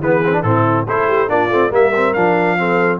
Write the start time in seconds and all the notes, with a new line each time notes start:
0.00 E3 B3 G#4 B4
0.24 C4
0.32 D4
0.42 A2 C4 E4 A4
0.87 A3 E4 A4 C5
1.07 G4
1.28 A#3 D4 F4 D5
1.50 A3 C4
1.70 G3 A#3 A#4 E5
1.95 C4
2.13 F3 D4 F5
2.58 C4 A4